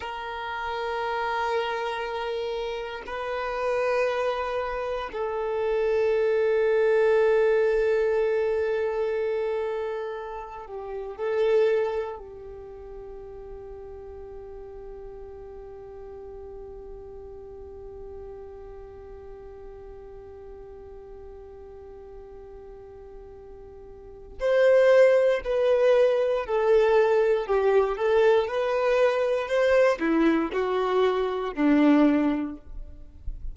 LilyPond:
\new Staff \with { instrumentName = "violin" } { \time 4/4 \tempo 4 = 59 ais'2. b'4~ | b'4 a'2.~ | a'2~ a'8 g'8 a'4 | g'1~ |
g'1~ | g'1 | c''4 b'4 a'4 g'8 a'8 | b'4 c''8 e'8 fis'4 d'4 | }